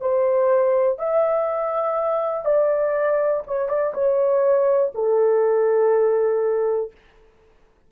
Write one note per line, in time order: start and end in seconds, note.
0.00 0.98 C5
0.98 2.45 E5
2.45 3.43 D5
3.47 3.68 C#5
3.68 3.93 D5
3.93 4.92 C#5
4.94 6.91 A4